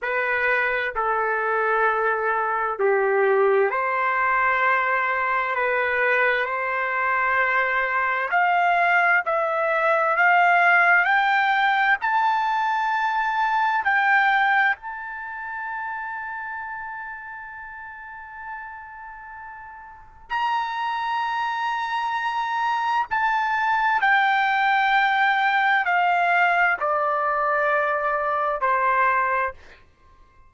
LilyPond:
\new Staff \with { instrumentName = "trumpet" } { \time 4/4 \tempo 4 = 65 b'4 a'2 g'4 | c''2 b'4 c''4~ | c''4 f''4 e''4 f''4 | g''4 a''2 g''4 |
a''1~ | a''2 ais''2~ | ais''4 a''4 g''2 | f''4 d''2 c''4 | }